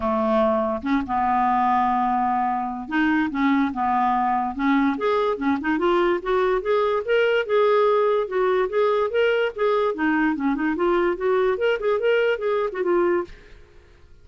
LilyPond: \new Staff \with { instrumentName = "clarinet" } { \time 4/4 \tempo 4 = 145 a2 cis'8 b4.~ | b2. dis'4 | cis'4 b2 cis'4 | gis'4 cis'8 dis'8 f'4 fis'4 |
gis'4 ais'4 gis'2 | fis'4 gis'4 ais'4 gis'4 | dis'4 cis'8 dis'8 f'4 fis'4 | ais'8 gis'8 ais'4 gis'8. fis'16 f'4 | }